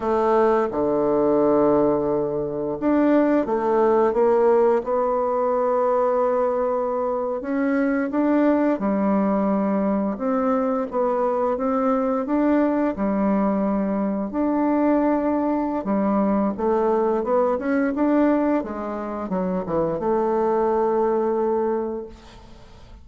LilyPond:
\new Staff \with { instrumentName = "bassoon" } { \time 4/4 \tempo 4 = 87 a4 d2. | d'4 a4 ais4 b4~ | b2~ b8. cis'4 d'16~ | d'8. g2 c'4 b16~ |
b8. c'4 d'4 g4~ g16~ | g8. d'2~ d'16 g4 | a4 b8 cis'8 d'4 gis4 | fis8 e8 a2. | }